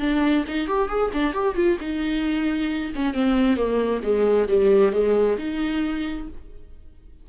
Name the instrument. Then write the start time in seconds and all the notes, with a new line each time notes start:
viola
0.00 D4
0.48 D#4
0.67 G4
0.89 G#4
1.13 D4
1.34 G4
1.55 F4
1.80 D#4
2.96 C#4
3.14 C4
3.56 A#3
4.03 G#3
4.48 G3
4.92 G#3
5.38 D#4